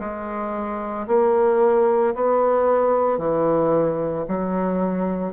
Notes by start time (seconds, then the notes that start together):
0.00 G#3
1.08 A#3
2.15 B3
3.19 E3
4.29 F#3